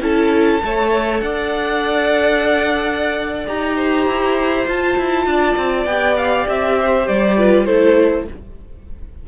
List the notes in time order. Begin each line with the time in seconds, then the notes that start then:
0.00 C#4 E4 A4 A5
0.63 A3 A4 C#5
1.21 D4 D5 F#5
3.47 D#4 G4 A#5
3.76 C5
4.07 E4
4.67 F4 A5
4.97 E4
5.26 D4 D5
5.56 C4
5.85 B3 G4 G5
6.17 F5
6.48 C4 E5
6.80 C5
7.08 G3 D5
7.38 F4 B4
7.65 A3 E4 A4 C5